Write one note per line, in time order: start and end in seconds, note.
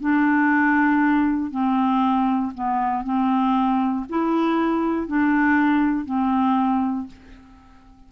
0.00 1.51 D4
1.51 2.52 C4
2.54 3.04 B3
3.04 4.05 C4
4.09 5.07 E4
5.07 6.05 D4
6.05 7.07 C4